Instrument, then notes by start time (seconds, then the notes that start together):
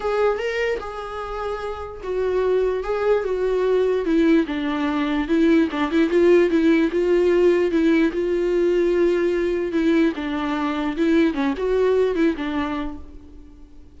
viola
0.00 G#4
0.38 A#4
0.79 G#4
2.03 F#4
2.83 G#4
3.24 F#4
4.05 E4
4.46 D4
5.27 E4
5.71 D4
5.91 E4
6.10 F4
6.50 E4
6.91 F4
7.71 E4
8.12 F4
9.72 E4
10.15 D4
10.96 E4
11.33 C#4
11.57 F#4
12.15 E4
12.36 D4